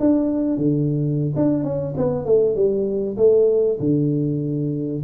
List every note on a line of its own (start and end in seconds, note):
0.00 0.58 D4
0.58 1.34 D3
1.36 1.64 D4
1.64 1.95 C#4
1.97 2.26 B3
2.26 2.55 A3
2.55 3.17 G3
3.17 3.78 A3
3.80 5.03 D3